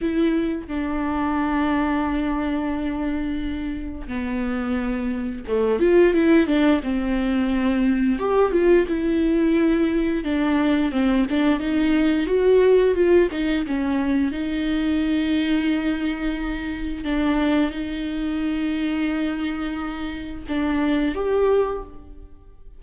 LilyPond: \new Staff \with { instrumentName = "viola" } { \time 4/4 \tempo 4 = 88 e'4 d'2.~ | d'2 b2 | a8 f'8 e'8 d'8 c'2 | g'8 f'8 e'2 d'4 |
c'8 d'8 dis'4 fis'4 f'8 dis'8 | cis'4 dis'2.~ | dis'4 d'4 dis'2~ | dis'2 d'4 g'4 | }